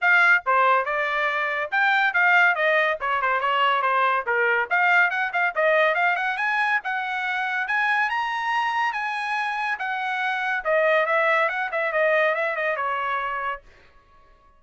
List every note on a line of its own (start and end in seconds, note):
0.01 0.43 F5
0.46 0.85 C5
0.85 1.70 D5
1.71 2.13 G5
2.13 2.55 F5
2.55 2.97 D#5
3.00 3.21 C#5
3.21 3.40 C5
3.40 3.82 C#5
3.82 4.24 C5
4.26 4.68 A#4
4.69 5.10 F5
5.10 5.31 F#5
5.32 5.54 F5
5.55 5.94 D#5
5.94 6.16 F5
6.16 6.37 F#5
6.37 6.79 G#5
6.84 7.67 F#5
7.67 8.09 G#5
8.09 8.92 A#5
8.92 9.78 G#5
9.79 10.64 F#5
10.64 11.06 D#5
11.06 11.48 E5
11.48 11.70 F#5
11.71 11.92 E5
11.92 12.34 D#5
12.34 12.56 E5
12.56 12.76 D#5
12.76 13.61 C#5